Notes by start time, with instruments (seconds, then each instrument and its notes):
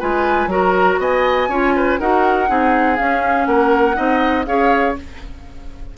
0.00 bassoon G#3, clarinet F4, oboe B4, flute G#5
0.47 bassoon F#3, clarinet F#4, oboe A#4, flute A#5
0.99 bassoon B3, oboe D#5, flute G#5
1.49 bassoon C#4, clarinet F4, oboe C#5
1.76 oboe B4
1.99 bassoon D#4, clarinet F#4, oboe A#4, flute F#5
2.48 bassoon C4, clarinet D#4, oboe G#4
2.97 clarinet C#4, bassoon C#4, flute F5
3.46 bassoon A#3, oboe A#4, flute F#5
3.95 bassoon C4, clarinet D#4, oboe D#5
4.46 bassoon C#4, clarinet G#4, oboe C#5, flute F5